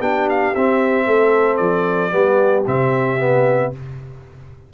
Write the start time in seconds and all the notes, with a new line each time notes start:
0.00 B3 D4 G4 G5
0.29 F5
0.55 C4 E5
1.06 A3 A4
1.56 F3 D5
2.11 G3 B3 G4
2.66 C3 C4 E5
3.19 B3